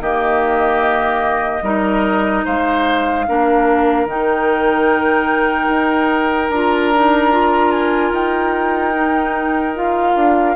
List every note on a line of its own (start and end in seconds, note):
0.00 1.62 D#3
0.00 1.63 A#3
0.00 1.64 G4
0.00 2.45 D#5
1.62 2.43 G3
1.62 3.26 D#4
1.62 2.44 A#4
2.44 3.28 G#3
2.44 3.26 C5
2.44 4.08 F5
3.27 4.05 A#3
3.27 4.08 D4
3.27 10.56 A#4
4.05 5.68 D#3
4.05 6.51 D#4
4.05 6.50 G5
5.68 6.49 D#4
6.49 8.11 D4
6.49 6.94 F4
6.49 7.71 A#5
6.94 7.31 D#4
7.31 8.93 F4
7.71 8.11 G#5
8.11 10.14 D#4
8.11 9.76 G5
8.94 9.75 D#4
9.75 10.56 F4
9.75 10.56 F5
10.15 10.55 D4